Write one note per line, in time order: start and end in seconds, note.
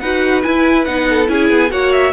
0.00 0.45 D#4
0.00 0.44 F#4
0.00 1.08 B4
0.00 0.43 F#5
0.43 0.86 E4
0.43 0.87 E4
0.43 0.85 G#5
0.85 1.29 B3
0.85 1.27 D#4
0.85 1.27 F#5
1.10 1.31 A4
1.27 1.50 C#4
1.27 1.69 E4
1.27 1.71 G#4
1.27 1.72 G#5
1.50 1.71 B3
1.71 2.13 A#3
1.71 2.13 F#4
1.71 2.13 C#5
1.71 1.93 F#5
1.93 2.13 E5